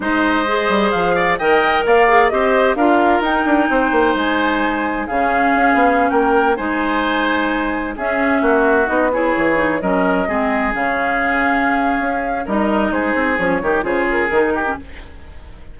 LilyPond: <<
  \new Staff \with { instrumentName = "flute" } { \time 4/4 \tempo 4 = 130 dis''2 f''4 g''4 | f''4 dis''4 f''4 g''4~ | g''4 gis''2 f''4~ | f''4~ f''16 g''4 gis''4.~ gis''16~ |
gis''4~ gis''16 e''2 dis''8 cis''16~ | cis''4~ cis''16 dis''2 f''8.~ | f''2. dis''4 | c''4 cis''4 c''8 ais'4. | }
  \new Staff \with { instrumentName = "oboe" } { \time 4/4 c''2~ c''8 d''8 dis''4 | d''4 c''4 ais'2 | c''2. gis'4~ | gis'4~ gis'16 ais'4 c''4.~ c''16~ |
c''4~ c''16 gis'4 fis'4. gis'16~ | gis'4~ gis'16 ais'4 gis'4.~ gis'16~ | gis'2. ais'4 | gis'4. g'8 gis'4. g'8 | }
  \new Staff \with { instrumentName = "clarinet" } { \time 4/4 dis'4 gis'2 ais'4~ | ais'8 gis'8 g'4 f'4 dis'4~ | dis'2. cis'4~ | cis'2~ cis'16 dis'4.~ dis'16~ |
dis'4~ dis'16 cis'2 dis'8 e'16~ | e'8. dis'8 cis'4 c'4 cis'8.~ | cis'2. dis'4~ | dis'4 cis'8 dis'8 f'4 dis'8. cis'16 | }
  \new Staff \with { instrumentName = "bassoon" } { \time 4/4 gis4. g8 f4 dis4 | ais4 c'4 d'4 dis'8 d'8 | c'8 ais8 gis2 cis4 | cis'8 b8. ais4 gis4.~ gis16~ |
gis4~ gis16 cis'4 ais4 b8.~ | b16 e4 fis4 gis4 cis8.~ | cis2 cis'4 g4 | gis8 c'8 f8 dis8 cis4 dis4 | }
>>